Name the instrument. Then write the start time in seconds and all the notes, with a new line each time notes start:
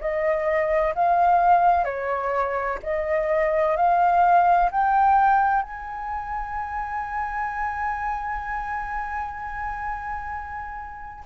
flute
0.00 D#5
0.95 F5
1.85 C#5
2.83 D#5
3.76 F5
4.71 G5
5.62 G#5